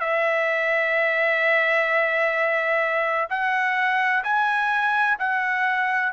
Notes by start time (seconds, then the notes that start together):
0.00 E5
3.30 F#5
4.24 G#5
5.19 F#5